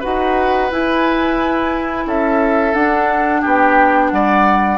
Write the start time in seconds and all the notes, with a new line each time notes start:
0.00 D#4 F#4 B4 F#5
0.71 E4 G#5
2.06 C#4 A4 E5
2.74 D4 F#5
3.41 B3 G4 G5
4.10 G3 D5 F#5